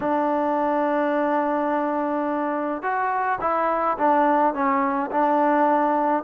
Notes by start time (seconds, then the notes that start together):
0.00 D4
2.82 F#4
3.40 E4
3.98 D4
4.53 C#4
5.11 D4